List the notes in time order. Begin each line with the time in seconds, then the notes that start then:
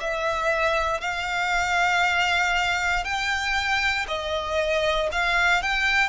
0.00 E5
1.00 F5
3.04 G5
4.08 D#5
5.12 F5
5.62 G5